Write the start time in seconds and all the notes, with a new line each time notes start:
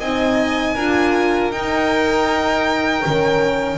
0.00 C4 D#4 D#5 G#5
0.74 D4 F4 A#4
1.51 D#4 G5
3.04 D#3 C#4